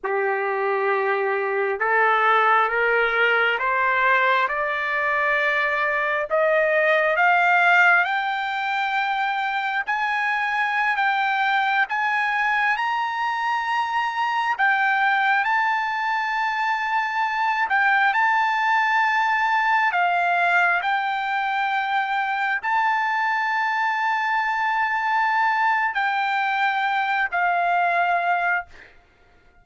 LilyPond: \new Staff \with { instrumentName = "trumpet" } { \time 4/4 \tempo 4 = 67 g'2 a'4 ais'4 | c''4 d''2 dis''4 | f''4 g''2 gis''4~ | gis''16 g''4 gis''4 ais''4.~ ais''16~ |
ais''16 g''4 a''2~ a''8 g''16~ | g''16 a''2 f''4 g''8.~ | g''4~ g''16 a''2~ a''8.~ | a''4 g''4. f''4. | }